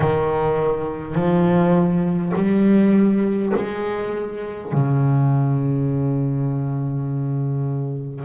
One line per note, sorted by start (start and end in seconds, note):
0.00 1.14 D#3
1.14 2.32 F3
2.35 3.52 G3
3.56 4.72 G#3
4.72 8.24 C#3